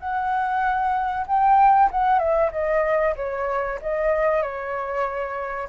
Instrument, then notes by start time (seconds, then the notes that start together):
flute
0.00 F#5
1.27 G5
1.91 F#5
2.19 E5
2.52 D#5
3.16 C#5
3.82 D#5
4.42 C#5